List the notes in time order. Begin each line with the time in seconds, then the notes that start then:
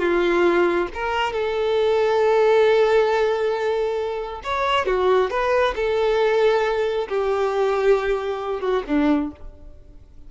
0.00 F4
0.95 A#4
1.33 A4
4.44 C#5
4.87 F#4
5.31 B4
5.76 A4
7.09 G4
8.61 F#4
8.88 D4